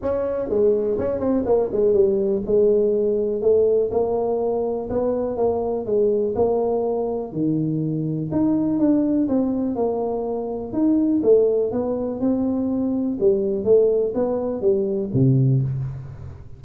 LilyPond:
\new Staff \with { instrumentName = "tuba" } { \time 4/4 \tempo 4 = 123 cis'4 gis4 cis'8 c'8 ais8 gis8 | g4 gis2 a4 | ais2 b4 ais4 | gis4 ais2 dis4~ |
dis4 dis'4 d'4 c'4 | ais2 dis'4 a4 | b4 c'2 g4 | a4 b4 g4 c4 | }